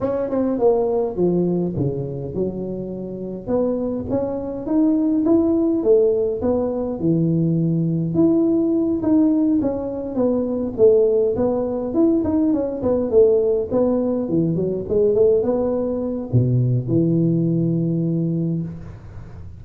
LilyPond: \new Staff \with { instrumentName = "tuba" } { \time 4/4 \tempo 4 = 103 cis'8 c'8 ais4 f4 cis4 | fis2 b4 cis'4 | dis'4 e'4 a4 b4 | e2 e'4. dis'8~ |
dis'8 cis'4 b4 a4 b8~ | b8 e'8 dis'8 cis'8 b8 a4 b8~ | b8 e8 fis8 gis8 a8 b4. | b,4 e2. | }